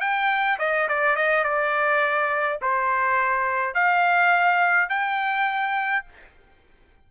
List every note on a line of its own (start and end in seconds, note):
0.00 0.58 G5
0.59 0.88 D#5
0.88 1.16 D5
1.16 1.43 D#5
1.43 2.59 D5
2.61 3.74 C5
3.74 4.89 F5
4.89 6.04 G5